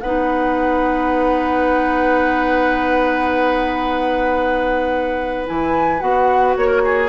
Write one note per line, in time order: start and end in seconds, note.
0.00 5.48 B3
0.00 5.46 D#4
0.00 6.57 B4
0.00 5.45 F#5
5.46 6.01 E3
5.46 6.00 E4
5.46 6.00 G#5
6.00 6.55 B3
6.00 7.08 F#4
6.00 6.54 F#5
6.55 7.08 A#3
6.55 7.08 C#5
6.55 6.67 C#5
6.67 6.81 A#4
6.84 7.08 G#4